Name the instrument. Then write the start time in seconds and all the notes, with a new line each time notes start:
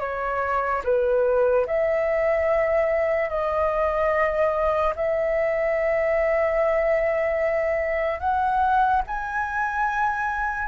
flute
0.00 C#5
0.84 B4
1.67 E5
3.30 D#5
4.96 E5
8.20 F#5
9.07 G#5